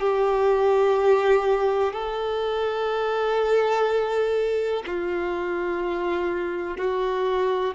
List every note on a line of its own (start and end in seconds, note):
0.00 1.93 G4
1.93 4.83 A4
4.87 6.77 F4
6.77 7.74 F#4